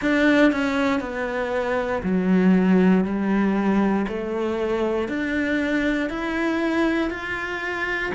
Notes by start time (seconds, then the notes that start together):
0.01 D4
0.51 C#4
1.00 B3
2.03 F#3
3.04 G3
4.07 A3
5.08 D4
6.09 E4
7.10 F4